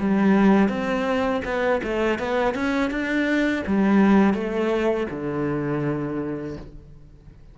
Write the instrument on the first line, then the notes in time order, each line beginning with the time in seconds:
cello
0.00 G3
0.69 C4
1.45 B3
1.84 A3
2.19 B3
2.55 C#4
2.91 D4
3.67 G3
4.34 A3
5.11 D3